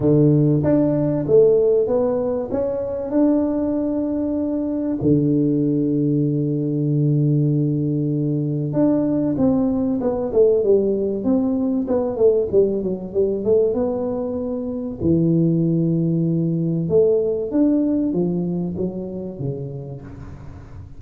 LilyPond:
\new Staff \with { instrumentName = "tuba" } { \time 4/4 \tempo 4 = 96 d4 d'4 a4 b4 | cis'4 d'2. | d1~ | d2 d'4 c'4 |
b8 a8 g4 c'4 b8 a8 | g8 fis8 g8 a8 b2 | e2. a4 | d'4 f4 fis4 cis4 | }